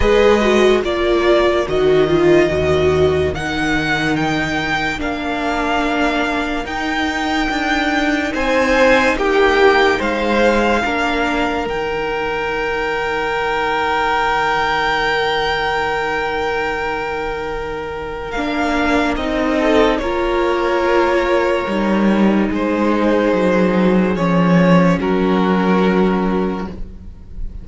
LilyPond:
<<
  \new Staff \with { instrumentName = "violin" } { \time 4/4 \tempo 4 = 72 dis''4 d''4 dis''2 | fis''4 g''4 f''2 | g''2 gis''4 g''4 | f''2 g''2~ |
g''1~ | g''2 f''4 dis''4 | cis''2. c''4~ | c''4 cis''4 ais'2 | }
  \new Staff \with { instrumentName = "violin" } { \time 4/4 b'4 ais'2.~ | ais'1~ | ais'2 c''4 g'4 | c''4 ais'2.~ |
ais'1~ | ais'2.~ ais'8 a'8 | ais'2. gis'4~ | gis'2 fis'2 | }
  \new Staff \with { instrumentName = "viola" } { \time 4/4 gis'8 fis'8 f'4 fis'8 f'8 fis'4 | dis'2 d'2 | dis'1~ | dis'4 d'4 dis'2~ |
dis'1~ | dis'2 d'4 dis'4 | f'2 dis'2~ | dis'4 cis'2. | }
  \new Staff \with { instrumentName = "cello" } { \time 4/4 gis4 ais4 dis4 dis,4 | dis2 ais2 | dis'4 d'4 c'4 ais4 | gis4 ais4 dis2~ |
dis1~ | dis2 ais4 c'4 | ais2 g4 gis4 | fis4 f4 fis2 | }
>>